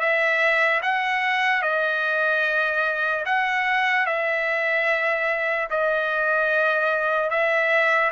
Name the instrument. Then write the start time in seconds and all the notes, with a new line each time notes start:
trumpet
0.00 E5
0.82 F#5
1.62 D#5
3.25 F#5
4.06 E5
5.70 D#5
7.30 E5